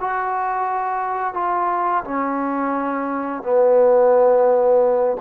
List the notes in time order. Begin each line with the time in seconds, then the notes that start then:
0.00 F#4
1.34 F4
2.04 C#4
3.42 B3